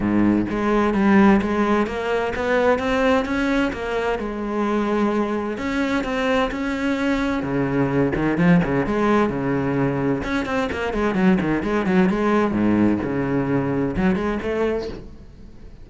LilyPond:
\new Staff \with { instrumentName = "cello" } { \time 4/4 \tempo 4 = 129 gis,4 gis4 g4 gis4 | ais4 b4 c'4 cis'4 | ais4 gis2. | cis'4 c'4 cis'2 |
cis4. dis8 f8 cis8 gis4 | cis2 cis'8 c'8 ais8 gis8 | fis8 dis8 gis8 fis8 gis4 gis,4 | cis2 fis8 gis8 a4 | }